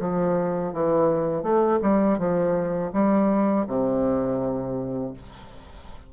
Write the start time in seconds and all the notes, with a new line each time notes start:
0.00 F3
0.73 E3
1.43 A3
1.82 G3
2.19 F3
2.93 G3
3.68 C3